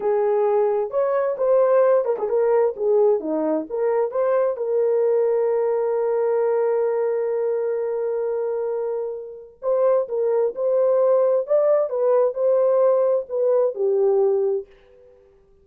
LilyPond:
\new Staff \with { instrumentName = "horn" } { \time 4/4 \tempo 4 = 131 gis'2 cis''4 c''4~ | c''8 ais'16 gis'16 ais'4 gis'4 dis'4 | ais'4 c''4 ais'2~ | ais'1~ |
ais'1~ | ais'4 c''4 ais'4 c''4~ | c''4 d''4 b'4 c''4~ | c''4 b'4 g'2 | }